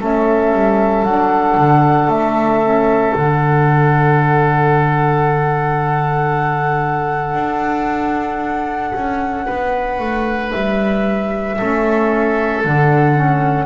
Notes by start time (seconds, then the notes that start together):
0.00 A3 C#4 A4 E5
0.52 G3
1.03 F#3 D4 F#5
1.57 D3
2.07 A3 E5
2.63 C#4
3.16 D3 D4 F#5
7.35 D4
8.95 C#4
9.46 B3 B4
9.99 A3
10.52 G3 E5
11.58 A3 C#4 A4
12.64 D3 D4 F#5
13.15 C#4